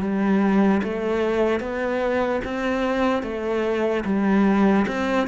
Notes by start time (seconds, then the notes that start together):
0.00 G3
0.83 A3
1.60 B3
2.44 C4
3.22 A3
4.05 G3
4.88 C4